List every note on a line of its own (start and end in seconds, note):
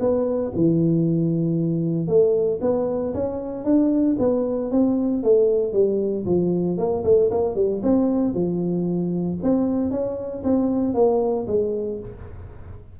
0.00 0.52 B3
0.55 2.08 E3
2.08 2.60 A3
2.61 3.14 B3
3.14 3.64 C#4
3.64 4.16 D4
4.19 4.71 B3
4.71 5.23 C4
5.23 5.73 A3
5.73 6.25 G3
6.26 6.78 F3
6.78 7.04 A#3
7.04 7.30 A3
7.31 7.55 A#3
7.55 7.81 G3
7.83 8.34 C4
8.34 9.38 F3
9.43 9.91 C4
9.91 10.43 C#4
10.43 10.94 C4
10.94 11.46 A#3
11.47 12.00 G#3